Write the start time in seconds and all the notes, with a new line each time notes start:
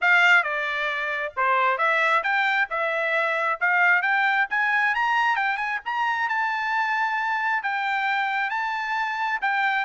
0.01 F5
0.43 D5
1.36 C5
1.78 E5
2.23 G5
2.70 E5
3.60 F5
4.02 G5
4.50 G#5
4.94 A#5
5.35 G5
5.57 G#5
5.85 A#5
6.28 A5
7.63 G5
8.50 A5
9.41 G5